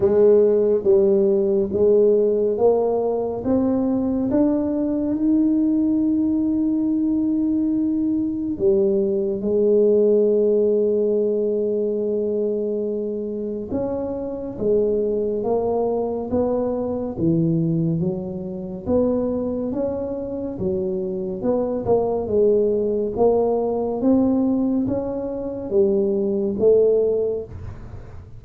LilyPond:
\new Staff \with { instrumentName = "tuba" } { \time 4/4 \tempo 4 = 70 gis4 g4 gis4 ais4 | c'4 d'4 dis'2~ | dis'2 g4 gis4~ | gis1 |
cis'4 gis4 ais4 b4 | e4 fis4 b4 cis'4 | fis4 b8 ais8 gis4 ais4 | c'4 cis'4 g4 a4 | }